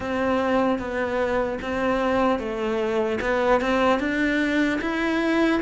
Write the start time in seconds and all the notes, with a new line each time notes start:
0.00 C4
0.78 B3
1.61 C4
2.39 A3
3.20 B3
3.60 C4
3.99 D4
4.81 E4